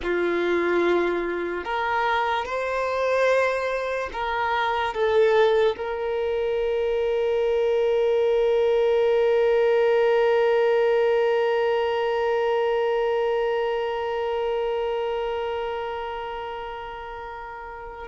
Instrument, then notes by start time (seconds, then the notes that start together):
violin
0.03 F4
1.64 A#4
2.45 C5
4.12 A#4
4.94 A4
5.76 A#4